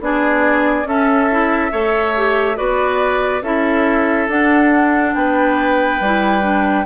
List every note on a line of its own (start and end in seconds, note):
0.00 0.84 B3
0.00 0.86 D4
0.00 0.88 G#4
0.00 0.87 D5
0.84 1.69 C#4
0.84 1.29 C#4
0.84 1.72 A4
0.84 2.57 E5
1.31 1.71 E4
1.71 2.58 A3
1.71 2.14 A4
1.71 2.57 C#5
2.16 2.55 G4
2.55 3.42 B3
2.55 3.41 F#4
2.55 3.43 B4
2.55 3.42 D5
3.42 4.27 C#4
3.42 4.29 E4
3.42 5.14 A4
3.42 4.29 E5
4.28 5.14 D4
4.28 6.00 D4
4.28 5.14 F#5
5.14 6.00 B3
5.14 6.86 B4
5.14 6.86 G5
6.00 6.86 G3
6.00 6.42 E4
6.42 6.84 D4